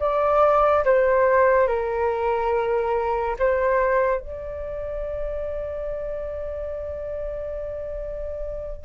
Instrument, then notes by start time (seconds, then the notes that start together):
flute
0.00 D5
0.85 C5
1.67 A#4
3.39 C5
4.21 D5